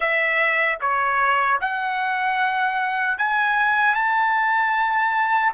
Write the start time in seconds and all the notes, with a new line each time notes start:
0.00 E5
0.80 C#5
1.60 F#5
3.18 G#5
3.94 A5